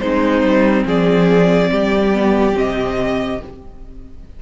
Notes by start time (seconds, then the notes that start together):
0.00 G#3 C4 D#4 C5
0.42 G3
0.85 F3 G#4 D5
1.71 G3 G4
2.14 B3
2.54 C3 C4 D#5